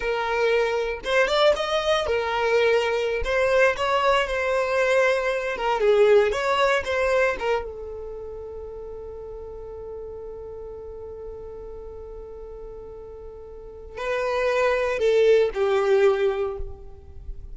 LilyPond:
\new Staff \with { instrumentName = "violin" } { \time 4/4 \tempo 4 = 116 ais'2 c''8 d''8 dis''4 | ais'2~ ais'16 c''4 cis''8.~ | cis''16 c''2~ c''8 ais'8 gis'8.~ | gis'16 cis''4 c''4 ais'8 a'4~ a'16~ |
a'1~ | a'1~ | a'2. b'4~ | b'4 a'4 g'2 | }